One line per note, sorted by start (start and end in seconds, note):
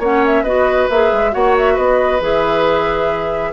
0.00 0.44 A#3
0.00 0.46 C#4
0.00 0.44 C#5
0.00 0.26 F#5
0.26 0.44 E5
0.44 0.88 B3
0.44 0.90 F#4
0.44 1.32 B4
0.44 0.88 D#5
0.90 1.12 A#3
0.90 1.32 G#4
0.90 1.34 E5
1.13 1.35 G#3
1.32 1.78 A#3
1.32 2.20 F#4
1.32 1.74 C#5
1.32 1.56 F#5
1.58 1.78 E5
1.74 2.21 B3
1.74 3.51 B4
1.74 2.22 D#5
2.21 3.53 E3
2.21 3.53 G#4
2.21 3.53 E5